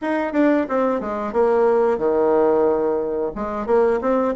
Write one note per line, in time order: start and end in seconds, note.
0.01 0.32 D#4
0.32 0.66 D4
0.68 1.00 C4
1.00 1.32 G#3
1.32 1.98 A#3
1.98 3.31 D#3
3.35 3.66 G#3
3.66 3.99 A#3
4.01 4.34 C4